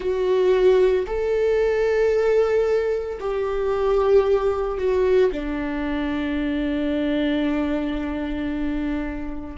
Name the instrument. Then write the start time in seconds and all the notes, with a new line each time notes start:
viola
0.00 F#4
1.06 A4
3.20 G4
4.78 F#4
5.31 D4